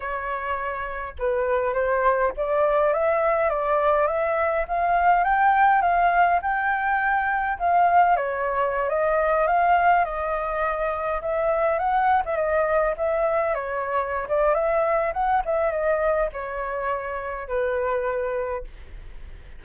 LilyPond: \new Staff \with { instrumentName = "flute" } { \time 4/4 \tempo 4 = 103 cis''2 b'4 c''4 | d''4 e''4 d''4 e''4 | f''4 g''4 f''4 g''4~ | g''4 f''4 cis''4~ cis''16 dis''8.~ |
dis''16 f''4 dis''2 e''8.~ | e''16 fis''8. e''16 dis''4 e''4 cis''8.~ | cis''8 d''8 e''4 fis''8 e''8 dis''4 | cis''2 b'2 | }